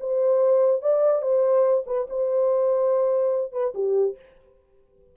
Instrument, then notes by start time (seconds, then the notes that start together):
horn
0.00 C5
0.81 D5
1.22 C5
1.86 B4
2.09 C5
3.52 B4
3.74 G4